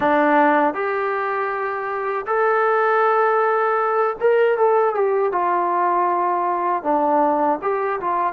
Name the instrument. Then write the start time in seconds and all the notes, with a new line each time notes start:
trombone
0.00 D4
0.74 G4
2.26 A4
4.20 A#4
4.57 A4
4.94 G4
5.32 F4
6.83 D4
7.62 G4
8.00 F4